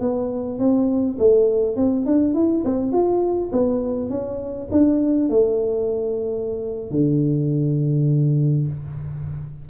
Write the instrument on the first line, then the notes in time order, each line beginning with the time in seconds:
tuba
0.00 B3
0.59 C4
1.18 A3
1.76 C4
2.06 D4
2.34 E4
2.65 C4
2.92 F4
3.52 B3
4.10 C#4
4.71 D4
5.29 A3
6.91 D3